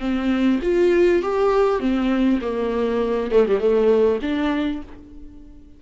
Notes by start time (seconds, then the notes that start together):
0.00 C4
0.62 F4
1.22 G4
1.80 C4
2.42 A#3
3.32 A3
3.47 G3
3.59 A3
4.22 D4